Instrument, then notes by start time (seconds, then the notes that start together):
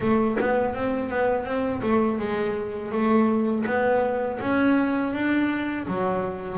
double bass
0.00 A3
0.40 B3
0.74 C4
1.09 B3
1.44 C4
1.82 A3
2.18 G#3
2.91 A3
3.66 B3
4.40 C#4
5.13 D4
5.87 F#3